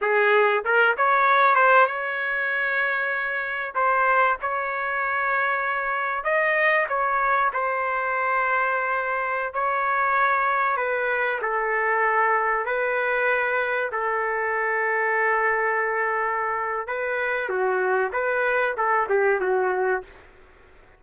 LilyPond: \new Staff \with { instrumentName = "trumpet" } { \time 4/4 \tempo 4 = 96 gis'4 ais'8 cis''4 c''8 cis''4~ | cis''2 c''4 cis''4~ | cis''2 dis''4 cis''4 | c''2.~ c''16 cis''8.~ |
cis''4~ cis''16 b'4 a'4.~ a'16~ | a'16 b'2 a'4.~ a'16~ | a'2. b'4 | fis'4 b'4 a'8 g'8 fis'4 | }